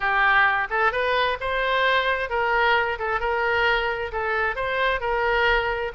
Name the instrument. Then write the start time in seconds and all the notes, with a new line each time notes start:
oboe
0.00 G4
0.70 A4
0.91 B4
1.40 C5
2.29 A#4
2.99 A4
3.20 A#4
4.12 A4
4.55 C5
5.00 A#4